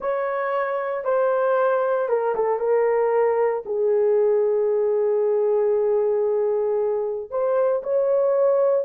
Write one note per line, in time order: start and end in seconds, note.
0.00 1.04 C#5
1.04 2.08 C5
2.08 2.35 A#4
2.35 2.59 A4
2.59 3.63 A#4
3.65 7.30 G#4
7.30 7.82 C5
7.83 8.85 C#5